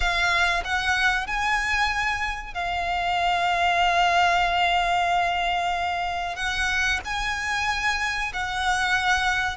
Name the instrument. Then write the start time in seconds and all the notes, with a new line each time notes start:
violin
0.00 F5
0.64 F#5
1.26 G#5
2.54 F5
6.36 F#5
7.04 G#5
8.33 F#5